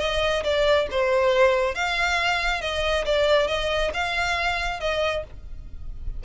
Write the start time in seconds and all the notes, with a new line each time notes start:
0.00 D#5
0.44 D5
0.91 C5
1.75 F5
2.62 D#5
3.06 D5
3.48 D#5
3.94 F5
4.80 D#5